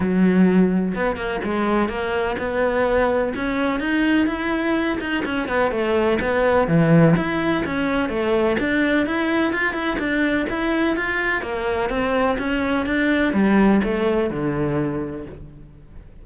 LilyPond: \new Staff \with { instrumentName = "cello" } { \time 4/4 \tempo 4 = 126 fis2 b8 ais8 gis4 | ais4 b2 cis'4 | dis'4 e'4. dis'8 cis'8 b8 | a4 b4 e4 e'4 |
cis'4 a4 d'4 e'4 | f'8 e'8 d'4 e'4 f'4 | ais4 c'4 cis'4 d'4 | g4 a4 d2 | }